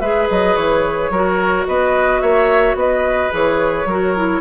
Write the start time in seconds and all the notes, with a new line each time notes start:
0.00 G#3 G#4 B4 E5
0.30 F#3 D#5
0.56 E3 C#5
1.10 F#3 F#4 A#4
1.67 B3 B4 D#5
2.21 A#3 C#5 E5
2.74 B3 B4 D#5
3.31 E3 G#4 C#5
3.85 F#3 F#4 A#4
4.16 E4